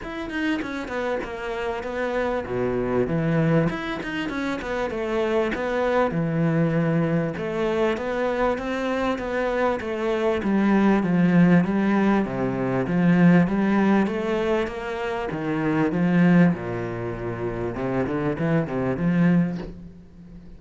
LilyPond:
\new Staff \with { instrumentName = "cello" } { \time 4/4 \tempo 4 = 98 e'8 dis'8 cis'8 b8 ais4 b4 | b,4 e4 e'8 dis'8 cis'8 b8 | a4 b4 e2 | a4 b4 c'4 b4 |
a4 g4 f4 g4 | c4 f4 g4 a4 | ais4 dis4 f4 ais,4~ | ais,4 c8 d8 e8 c8 f4 | }